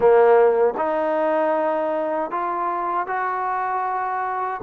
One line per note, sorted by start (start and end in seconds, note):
0.00 0.74 A#3
0.77 2.30 D#4
2.30 3.06 F4
3.06 4.60 F#4